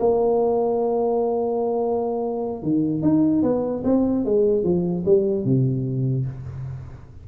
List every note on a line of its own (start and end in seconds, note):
0.00 2.63 A#3
2.63 3.03 D#3
3.03 3.43 D#4
3.43 3.83 B3
3.85 4.25 C4
4.25 4.64 G#3
4.64 5.04 F3
5.06 5.45 G3
5.45 6.26 C3